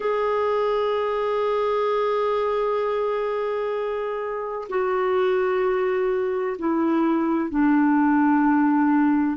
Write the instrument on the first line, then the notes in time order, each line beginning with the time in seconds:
clarinet
0.00 G#4
4.69 F#4
6.58 E4
7.50 D4